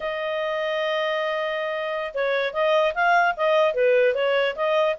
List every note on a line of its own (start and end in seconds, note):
0.00 2.13 D#5
2.14 2.53 C#5
2.53 2.93 D#5
2.94 3.34 F5
3.36 3.74 D#5
3.74 4.14 B4
4.14 4.55 C#5
4.55 4.96 D#5